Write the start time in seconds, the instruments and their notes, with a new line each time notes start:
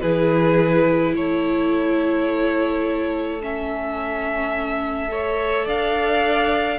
0.00 cello E3, viola E4, violin G#4 B4
1.14 cello A3, violin A4 C#5
3.41 viola C#4, violin E5
5.08 viola A4, violin C#5
5.65 cello D4, violin D5 F5